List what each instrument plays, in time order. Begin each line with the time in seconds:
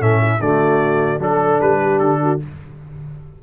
0.00 tuba A2, trombone C#4, horn A4, trumpet E5
0.21 horn E4
0.40 tuba D3, trombone A3, horn F#4, trumpet D5
1.19 tuba F#3, trombone D4, horn A4, trumpet A4
1.60 tuba G3, trumpet B4
1.82 horn G4
1.99 tuba D3, trumpet A4
2.23 horn F#4